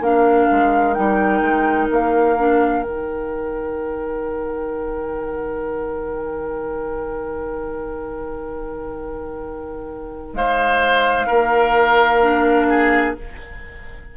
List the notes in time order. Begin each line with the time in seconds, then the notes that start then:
0.00 A#3 D4 A#4 F5
0.51 G#3
0.94 G3 D#4 G5
1.41 G#3
1.90 A#3 F5
2.38 D4
2.82 D#3 D#4 G5
10.33 G#3 C5 F5
11.26 A#3 A#4
12.22 D4
12.69 G#4